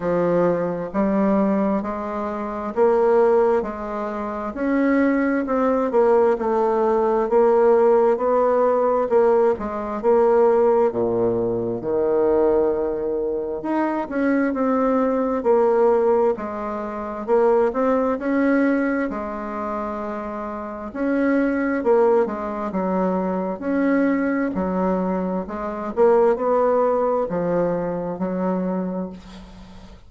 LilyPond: \new Staff \with { instrumentName = "bassoon" } { \time 4/4 \tempo 4 = 66 f4 g4 gis4 ais4 | gis4 cis'4 c'8 ais8 a4 | ais4 b4 ais8 gis8 ais4 | ais,4 dis2 dis'8 cis'8 |
c'4 ais4 gis4 ais8 c'8 | cis'4 gis2 cis'4 | ais8 gis8 fis4 cis'4 fis4 | gis8 ais8 b4 f4 fis4 | }